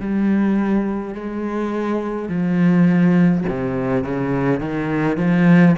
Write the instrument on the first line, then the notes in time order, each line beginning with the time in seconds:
cello
0.00 G3
1.14 G#3
2.29 F3
3.49 C3
4.04 C#3
4.60 D#3
5.17 F3